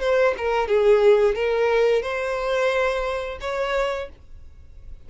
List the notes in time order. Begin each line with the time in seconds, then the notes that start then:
0.00 C5
0.37 A#4
0.68 G#4
1.35 A#4
2.02 C5
3.41 C#5